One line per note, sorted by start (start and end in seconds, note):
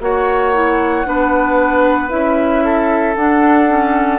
0.00 1.05 A#3
0.00 0.53 F#4
0.00 1.07 C#5
0.00 2.10 F#5
0.53 1.05 E4
1.05 2.12 B3
1.05 2.09 D4
1.05 2.65 B4
2.09 3.16 C#4
2.09 3.14 E4
2.09 3.15 E5
2.65 4.19 A4
3.16 4.19 D4
3.16 3.69 D4
3.16 4.19 F#5
3.69 4.19 C#4